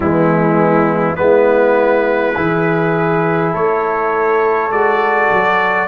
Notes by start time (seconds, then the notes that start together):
0.00 E3 G#3 B3 E4
1.15 G#3 B3 E4 B4
2.35 E3 E4 G#4
3.52 A3 A4 C#5
4.70 G#3 F#4 D5
5.31 F#3